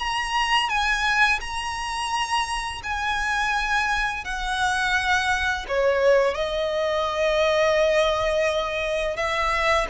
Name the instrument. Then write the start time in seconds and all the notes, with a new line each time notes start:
violin
0.00 A#5
0.70 G#5
1.41 A#5
2.84 G#5
4.25 F#5
5.68 C#5
6.35 D#5
9.17 E5